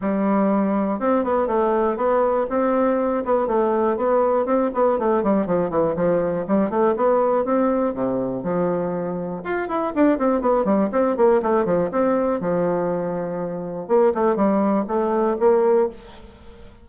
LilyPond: \new Staff \with { instrumentName = "bassoon" } { \time 4/4 \tempo 4 = 121 g2 c'8 b8 a4 | b4 c'4. b8 a4 | b4 c'8 b8 a8 g8 f8 e8 | f4 g8 a8 b4 c'4 |
c4 f2 f'8 e'8 | d'8 c'8 b8 g8 c'8 ais8 a8 f8 | c'4 f2. | ais8 a8 g4 a4 ais4 | }